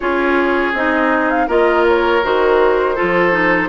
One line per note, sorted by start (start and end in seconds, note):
0.00 0.73 C#4
0.00 0.75 F4
0.00 1.47 G#4
0.00 0.74 C#5
0.73 1.47 C4
0.73 1.48 D#4
0.73 1.29 D#5
1.29 1.48 F5
1.47 2.22 A#3
1.47 2.22 F4
1.47 2.95 A#4
1.47 1.86 D#5
1.87 2.24 C#5
2.23 2.97 D#3
2.23 2.95 F#4
2.23 3.69 C5
2.95 3.31 F4
2.95 3.69 A4
3.01 3.69 F3
3.31 3.68 D#4